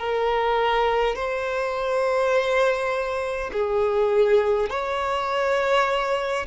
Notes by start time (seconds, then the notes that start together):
0.00 A#4
1.16 C5
3.53 G#4
4.70 C#5